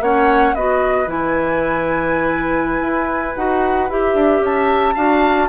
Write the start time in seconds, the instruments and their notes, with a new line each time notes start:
0.00 bassoon A#3, clarinet C#4, oboe C#5, flute F#5
0.54 bassoon B3, clarinet F#4, oboe B4, flute D#5
1.06 bassoon E3, clarinet E4, flute G#5
2.81 bassoon E4
3.36 bassoon D#4, clarinet F#4, flute F#5
3.90 bassoon E4, clarinet G4, flute E5
4.15 bassoon D4
4.41 bassoon C#4, oboe E5, flute A5
4.95 bassoon D4, clarinet F#4, oboe F5